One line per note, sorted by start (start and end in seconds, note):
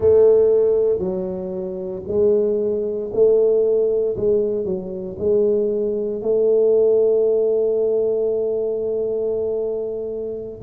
0.00 0.98 A3
0.98 2.02 F#3
2.07 3.10 G#3
3.13 4.16 A3
4.17 4.65 G#3
4.65 5.16 F#3
5.18 6.22 G#3
6.22 10.61 A3